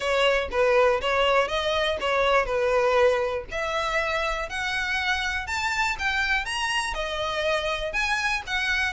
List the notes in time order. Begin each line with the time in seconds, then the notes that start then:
0.00 C#5
0.51 B4
1.01 C#5
1.48 D#5
2.00 C#5
2.45 B4
3.51 E5
4.49 F#5
5.47 A5
5.98 G5
6.45 A#5
6.94 D#5
7.92 G#5
8.46 F#5